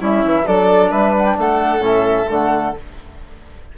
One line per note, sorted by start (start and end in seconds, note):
0.00 0.24 G3
0.00 0.45 C#4
0.00 0.46 E4
0.00 0.47 E5
0.25 0.47 E3
0.47 0.92 F#3
0.47 1.80 D4
0.47 0.91 A4
0.47 0.92 D5
0.91 1.38 G3
0.91 1.37 B4
0.91 1.15 E5
1.18 1.26 F#5
1.26 1.37 G5
1.38 1.79 A3
1.38 2.78 A4
1.38 1.85 F#5
1.79 2.25 A2
1.79 2.26 C#4
1.86 2.31 E5
2.30 2.75 D3
2.30 2.76 A3
2.30 2.77 F#5